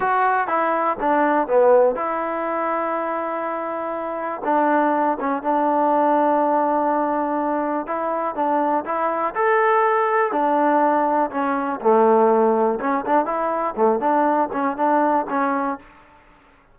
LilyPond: \new Staff \with { instrumentName = "trombone" } { \time 4/4 \tempo 4 = 122 fis'4 e'4 d'4 b4 | e'1~ | e'4 d'4. cis'8 d'4~ | d'1 |
e'4 d'4 e'4 a'4~ | a'4 d'2 cis'4 | a2 cis'8 d'8 e'4 | a8 d'4 cis'8 d'4 cis'4 | }